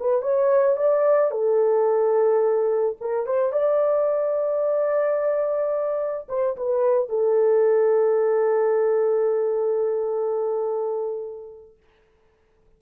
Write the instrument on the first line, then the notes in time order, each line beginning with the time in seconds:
horn
0.00 B4
0.22 C#5
0.77 D5
1.32 A4
3.01 A#4
3.27 C5
3.53 D5
6.29 C5
6.57 B4
7.10 A4